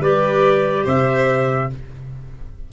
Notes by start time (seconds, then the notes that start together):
0.00 G3 G4 B4 D5
0.84 C3 C5 E5